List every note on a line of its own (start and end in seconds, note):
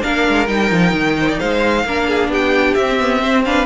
0.00 0.27 A#3
0.00 0.45 D4
0.00 1.18 A#4
0.00 0.47 F5
0.28 0.48 G#3
0.47 0.71 G3
0.47 1.84 D#4
0.47 1.38 G5
0.71 0.92 F3
0.92 1.38 D#3
1.20 1.28 C5
1.28 1.39 D5
1.39 1.84 G#3
1.39 1.85 C5
1.39 2.30 F5
1.84 2.28 A#3
1.84 2.78 D4
1.84 2.08 A#4
2.08 2.30 G#4
2.28 2.73 B3
2.28 3.20 G4
2.28 2.74 G5
2.74 3.66 C4
2.74 2.99 C4
2.74 3.42 E5
2.99 3.22 B3
3.20 3.45 C4
3.20 3.43 C5
3.45 3.66 D4
3.45 3.66 B4
3.45 3.66 F5